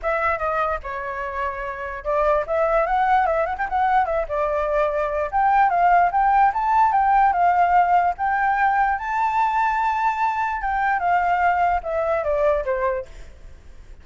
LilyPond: \new Staff \with { instrumentName = "flute" } { \time 4/4 \tempo 4 = 147 e''4 dis''4 cis''2~ | cis''4 d''4 e''4 fis''4 | e''8 fis''16 g''16 fis''4 e''8 d''4.~ | d''4 g''4 f''4 g''4 |
a''4 g''4 f''2 | g''2 a''2~ | a''2 g''4 f''4~ | f''4 e''4 d''4 c''4 | }